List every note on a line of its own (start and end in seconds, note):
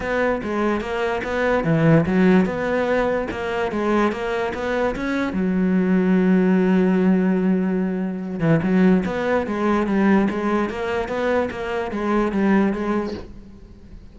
0.00 0.41 B3
0.43 0.80 G#3
0.80 1.21 A#3
1.23 1.64 B3
1.64 2.05 E3
2.05 2.45 F#3
2.45 3.27 B3
3.30 3.71 A#3
3.71 4.12 G#3
4.12 4.53 A#3
4.54 4.95 B3
4.95 5.32 C#4
5.32 8.39 F#3
8.39 8.60 E3
8.62 9.04 F#3
9.05 9.47 B3
9.47 9.86 G#3
9.86 10.28 G3
10.29 10.69 G#3
10.69 11.08 A#3
11.08 11.49 B3
11.50 11.91 A#3
11.91 12.32 G#3
12.32 12.72 G3
12.72 13.13 G#3